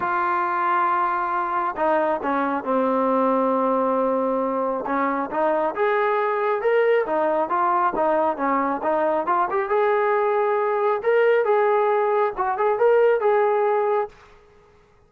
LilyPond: \new Staff \with { instrumentName = "trombone" } { \time 4/4 \tempo 4 = 136 f'1 | dis'4 cis'4 c'2~ | c'2. cis'4 | dis'4 gis'2 ais'4 |
dis'4 f'4 dis'4 cis'4 | dis'4 f'8 g'8 gis'2~ | gis'4 ais'4 gis'2 | fis'8 gis'8 ais'4 gis'2 | }